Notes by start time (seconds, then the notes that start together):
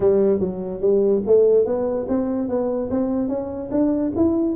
0.00 G3
0.39 F#3
0.80 G3
1.26 A3
1.65 B3
2.08 C4
2.48 B3
2.90 C4
3.28 C#4
3.71 D4
4.15 E4